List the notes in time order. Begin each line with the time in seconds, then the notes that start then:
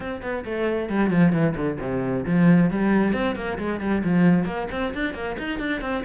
0.00 C4
0.22 B3
0.44 A3
0.89 G3
1.10 F3
1.32 E3
1.55 D3
1.80 C3
2.25 F3
2.70 G3
3.13 C4
3.35 A#3
3.58 G#3
3.80 G3
4.04 F3
4.45 A#3
4.71 C4
4.94 D4
5.14 A#3
5.38 D#4
5.59 D4
5.81 C4